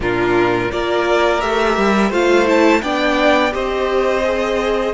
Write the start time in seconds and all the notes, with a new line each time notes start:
0.00 A#2 D4 F4 A#4
0.70 A#3 F4 A#4 D5
1.40 A3 G4 E5
1.77 G3
2.09 A3 F4 C5 F5
2.45 E4 A5
2.82 B3 D4 D5 G5
3.51 C4 G4 C5 D#5
4.23 G#4